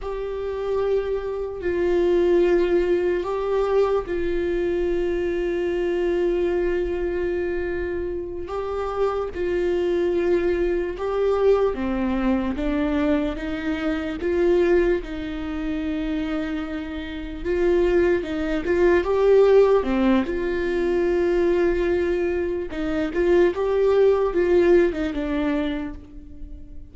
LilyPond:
\new Staff \with { instrumentName = "viola" } { \time 4/4 \tempo 4 = 74 g'2 f'2 | g'4 f'2.~ | f'2~ f'8 g'4 f'8~ | f'4. g'4 c'4 d'8~ |
d'8 dis'4 f'4 dis'4.~ | dis'4. f'4 dis'8 f'8 g'8~ | g'8 c'8 f'2. | dis'8 f'8 g'4 f'8. dis'16 d'4 | }